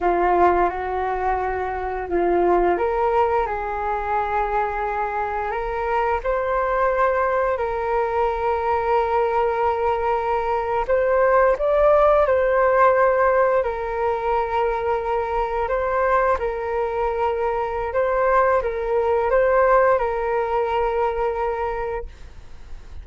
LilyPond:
\new Staff \with { instrumentName = "flute" } { \time 4/4 \tempo 4 = 87 f'4 fis'2 f'4 | ais'4 gis'2. | ais'4 c''2 ais'4~ | ais'2.~ ais'8. c''16~ |
c''8. d''4 c''2 ais'16~ | ais'2~ ais'8. c''4 ais'16~ | ais'2 c''4 ais'4 | c''4 ais'2. | }